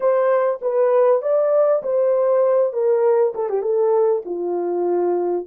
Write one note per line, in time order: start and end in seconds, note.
0.00 0.59 C5
0.61 1.21 B4
1.21 1.82 D5
1.82 2.72 C5
2.72 3.33 A#4
3.34 3.49 A4
3.49 3.61 G4
3.61 4.22 A4
4.25 5.46 F4